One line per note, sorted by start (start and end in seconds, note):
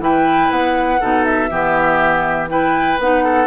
0.00 0.50 E3
0.00 1.01 E4
0.00 1.01 B4
0.00 0.51 G5
0.51 1.01 B3
0.51 1.25 F#5
1.01 1.51 B2
1.01 1.50 D#4
1.01 1.50 A4
1.25 2.49 E5
1.51 2.99 E3
1.51 2.49 B3
1.51 2.50 G4
2.49 2.99 E4
2.49 3.24 B4
2.49 2.99 G5
2.99 3.47 B3
2.99 3.47 D#4
2.99 3.47 F#5
3.24 3.47 A4